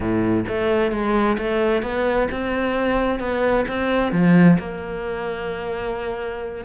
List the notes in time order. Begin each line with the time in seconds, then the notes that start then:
0.00 A2
0.48 A3
0.91 G#3
1.38 A3
1.82 B3
2.31 C4
3.19 B3
3.67 C4
4.11 F3
4.58 A#3